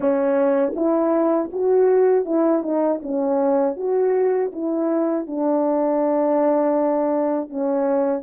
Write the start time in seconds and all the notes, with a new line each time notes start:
0.00 C#4
0.75 E4
1.52 F#4
2.25 E4
2.62 D#4
3.02 C#4
3.76 F#4
4.52 E4
5.27 D4
7.49 C#4